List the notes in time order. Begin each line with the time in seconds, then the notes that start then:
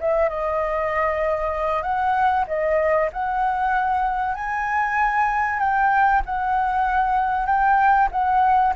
0.00 E5
0.29 D#5
1.82 F#5
2.47 D#5
3.12 F#5
4.34 G#5
5.59 G5
6.25 F#5
7.46 G5
8.11 F#5